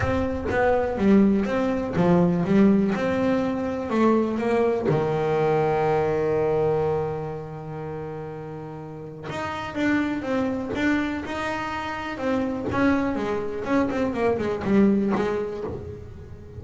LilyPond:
\new Staff \with { instrumentName = "double bass" } { \time 4/4 \tempo 4 = 123 c'4 b4 g4 c'4 | f4 g4 c'2 | a4 ais4 dis2~ | dis1~ |
dis2. dis'4 | d'4 c'4 d'4 dis'4~ | dis'4 c'4 cis'4 gis4 | cis'8 c'8 ais8 gis8 g4 gis4 | }